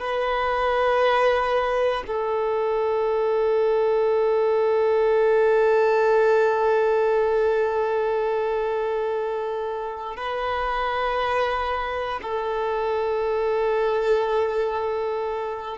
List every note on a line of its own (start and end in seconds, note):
0.00 2.03 B4
2.07 10.16 A4
10.16 12.20 B4
12.23 15.78 A4